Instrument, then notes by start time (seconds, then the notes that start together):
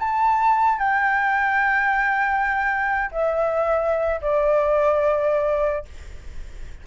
flute
0.00 A5
0.79 G5
3.12 E5
4.22 D5